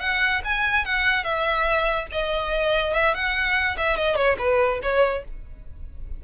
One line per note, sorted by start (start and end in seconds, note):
0.00 0.41 F#5
0.44 0.85 G#5
0.85 1.24 F#5
1.24 2.07 E5
2.11 2.93 D#5
2.93 3.14 E5
3.14 3.76 F#5
3.77 3.96 E5
3.96 4.15 D#5
4.15 4.36 C#5
4.38 4.80 B4
4.82 5.23 C#5